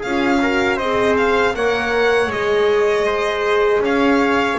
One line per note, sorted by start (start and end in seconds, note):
0.00 0.79 C#4
0.00 0.38 G#4
0.00 0.78 F5
0.06 0.43 F4
0.43 0.81 F#4
0.43 0.77 A#4
0.77 1.55 C4
0.77 1.55 G#4
0.77 1.53 C5
0.77 1.16 D#5
1.18 1.56 F5
1.55 2.27 A#3
1.55 2.31 A#4
1.55 3.06 C#5
1.55 2.32 F#5
2.27 3.79 G#3
2.27 4.59 G#4
2.27 3.84 D#5
3.06 3.82 C5
3.81 4.56 C#4
3.81 4.59 F5
3.87 4.59 C#5